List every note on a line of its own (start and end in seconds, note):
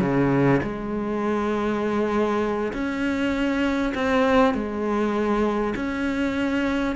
0.00 0.60 C#3
0.62 2.72 G#3
2.73 3.93 C#4
3.94 4.54 C4
4.54 5.74 G#3
5.75 6.95 C#4